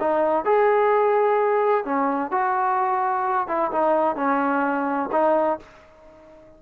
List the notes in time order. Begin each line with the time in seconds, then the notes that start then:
0.00 D#4
0.45 G#4
1.85 C#4
2.32 F#4
3.48 E4
3.72 D#4
4.16 C#4
5.12 D#4